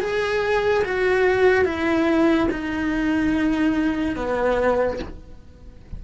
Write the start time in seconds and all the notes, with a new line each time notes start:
0.00 G#4
0.84 F#4
1.64 E4
2.51 D#4
4.16 B3